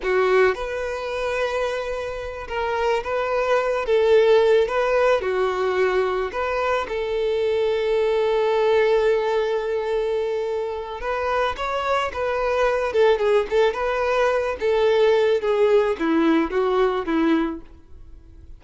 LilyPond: \new Staff \with { instrumentName = "violin" } { \time 4/4 \tempo 4 = 109 fis'4 b'2.~ | b'8 ais'4 b'4. a'4~ | a'8 b'4 fis'2 b'8~ | b'8 a'2.~ a'8~ |
a'1 | b'4 cis''4 b'4. a'8 | gis'8 a'8 b'4. a'4. | gis'4 e'4 fis'4 e'4 | }